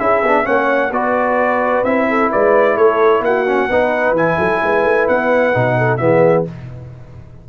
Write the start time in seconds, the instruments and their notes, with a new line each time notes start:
0.00 tuba C#4, trombone E4, horn G#4, trumpet E5
0.23 tuba B3, trombone D4
0.44 tuba A#3, trombone C#4, horn C#5, trumpet F#5
0.91 tuba B3, trombone F#4, horn B4, trumpet D5
1.84 tuba C4, trombone E4, trumpet E5
2.09 horn A4
2.31 tuba G#3, horn B4, trumpet D5
2.77 tuba A3, horn A4, trumpet C#5
3.21 tuba A#3, horn F#4, trumpet F#5
3.46 trombone C#4
3.70 tuba B3, trombone D#4, horn B4
4.12 tuba E3, trombone E4, trumpet G#5
4.38 tuba F#3, horn A4
4.62 tuba G#3, horn B4
4.84 tuba A3
5.08 tuba B3, trumpet F#5
5.53 tuba B2, trombone D#4
5.78 horn A4
5.97 tuba E3, trombone B3, horn G#4, trumpet E5